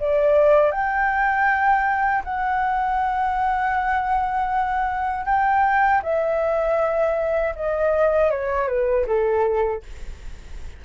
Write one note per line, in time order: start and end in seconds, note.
0.00 0.72 D5
0.72 2.24 G5
2.25 5.26 F#5
5.26 6.02 G5
6.03 7.55 E5
7.56 8.31 D#5
8.31 8.68 C#5
8.68 9.06 B4
9.07 9.83 A4